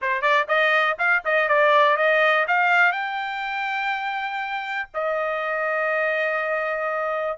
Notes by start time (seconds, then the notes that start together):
0.01 C5
0.21 D5
0.48 D#5
0.98 F5
1.25 D#5
1.48 D5
1.96 D#5
2.47 F5
2.92 G5
4.93 D#5